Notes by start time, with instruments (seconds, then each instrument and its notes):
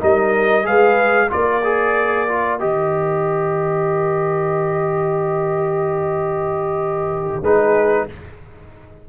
0.00 tuba G3, trombone D#4, horn A#4, trumpet D#5
0.63 tuba G#3, trombone G#4, horn B4, trumpet F5
1.29 tuba A#3, trombone F4, horn A#4, trumpet D5
1.64 trombone G#4
2.28 trombone F4
2.60 tuba D#3, trombone G4, trumpet D#5
7.41 tuba G#3, trombone D#4, horn G#4, trumpet B4